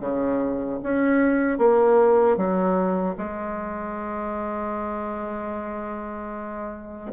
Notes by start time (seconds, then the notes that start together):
0.00 C#3
0.83 C#4
1.58 A#3
2.36 F#3
3.17 G#3